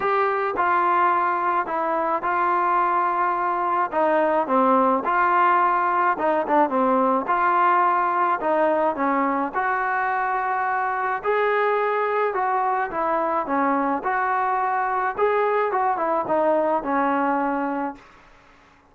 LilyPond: \new Staff \with { instrumentName = "trombone" } { \time 4/4 \tempo 4 = 107 g'4 f'2 e'4 | f'2. dis'4 | c'4 f'2 dis'8 d'8 | c'4 f'2 dis'4 |
cis'4 fis'2. | gis'2 fis'4 e'4 | cis'4 fis'2 gis'4 | fis'8 e'8 dis'4 cis'2 | }